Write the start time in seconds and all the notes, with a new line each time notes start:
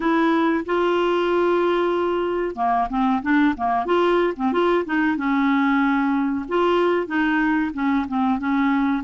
0.00 E4
0.65 F4
2.55 A#3
2.89 C4
3.22 D4
3.56 A#3
3.85 F4
4.36 C4
4.52 F4
4.85 D#4
5.16 C#4
6.48 F4
7.06 D#4
7.73 C#4
8.08 C4
8.38 C#4